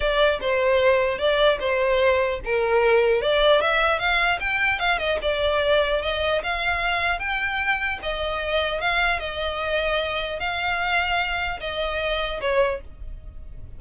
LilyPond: \new Staff \with { instrumentName = "violin" } { \time 4/4 \tempo 4 = 150 d''4 c''2 d''4 | c''2 ais'2 | d''4 e''4 f''4 g''4 | f''8 dis''8 d''2 dis''4 |
f''2 g''2 | dis''2 f''4 dis''4~ | dis''2 f''2~ | f''4 dis''2 cis''4 | }